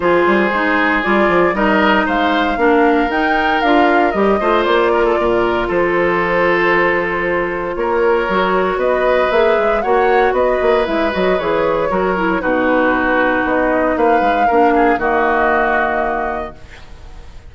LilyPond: <<
  \new Staff \with { instrumentName = "flute" } { \time 4/4 \tempo 4 = 116 c''2 d''4 dis''4 | f''2 g''4 f''4 | dis''4 d''2 c''4~ | c''2. cis''4~ |
cis''4 dis''4 e''4 fis''4 | dis''4 e''8 dis''8 cis''2 | b'2 dis''4 f''4~ | f''4 dis''2. | }
  \new Staff \with { instrumentName = "oboe" } { \time 4/4 gis'2. ais'4 | c''4 ais'2.~ | ais'8 c''4 ais'16 a'16 ais'4 a'4~ | a'2. ais'4~ |
ais'4 b'2 cis''4 | b'2. ais'4 | fis'2. b'4 | ais'8 gis'8 fis'2. | }
  \new Staff \with { instrumentName = "clarinet" } { \time 4/4 f'4 dis'4 f'4 dis'4~ | dis'4 d'4 dis'4 f'4 | g'8 f'2.~ f'8~ | f'1 |
fis'2 gis'4 fis'4~ | fis'4 e'8 fis'8 gis'4 fis'8 e'8 | dis'1 | d'4 ais2. | }
  \new Staff \with { instrumentName = "bassoon" } { \time 4/4 f8 g8 gis4 g8 f8 g4 | gis4 ais4 dis'4 d'4 | g8 a8 ais4 ais,4 f4~ | f2. ais4 |
fis4 b4 ais8 gis8 ais4 | b8 ais8 gis8 fis8 e4 fis4 | b,2 b4 ais8 gis8 | ais4 dis2. | }
>>